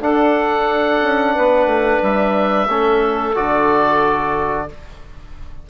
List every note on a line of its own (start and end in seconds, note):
0.00 1.00 D4
0.00 2.68 D4
0.00 1.34 A4
0.00 2.02 F#5
1.02 1.36 C#4
1.34 1.66 B3
1.34 2.67 B4
1.66 1.99 A3
2.02 2.68 G3
2.02 3.36 E5
2.68 3.34 A3
2.68 3.35 C#4
2.68 4.68 A4
3.35 4.69 D3
3.35 4.68 F#4
3.35 4.69 D5